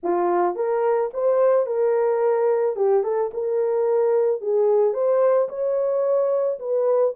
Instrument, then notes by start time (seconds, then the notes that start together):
horn
0.03 F4
0.55 A#4
1.13 C5
1.66 A#4
2.76 G4
3.03 A4
3.33 A#4
4.41 G#4
4.93 C5
5.48 C#5
6.59 B4